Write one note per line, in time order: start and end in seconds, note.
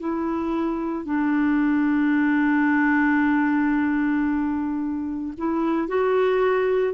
0.00 1.06 E4
1.06 5.34 D4
5.38 5.88 E4
5.88 6.94 F#4